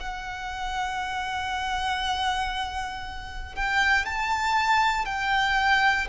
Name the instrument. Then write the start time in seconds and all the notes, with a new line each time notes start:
violin
0.00 F#5
3.55 G5
4.06 A5
5.06 G5